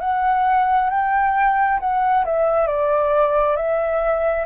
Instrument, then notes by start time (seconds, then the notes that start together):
flute
0.00 F#5
0.90 G5
1.80 F#5
2.25 E5
2.67 D5
3.56 E5